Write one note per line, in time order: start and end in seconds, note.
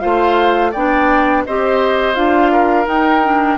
0.00 0.75 A3
0.00 0.72 F4
0.00 0.72 C5
0.00 0.71 F5
0.72 1.46 B3
0.72 1.47 D4
0.72 1.43 D5
0.72 1.44 G5
1.46 2.17 C4
1.46 2.15 G4
1.46 2.52 C5
1.46 2.15 D#5
2.15 2.87 D4
2.15 2.85 F4
2.15 2.86 F5
2.52 3.58 A#4
2.85 3.21 D#4
2.85 3.58 D#4
2.85 3.58 G5
3.24 3.58 D4